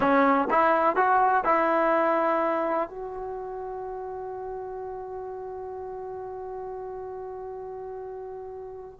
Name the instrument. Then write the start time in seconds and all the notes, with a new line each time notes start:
trombone
0.00 C#4
0.50 E4
0.95 F#4
1.44 E4
2.89 F#4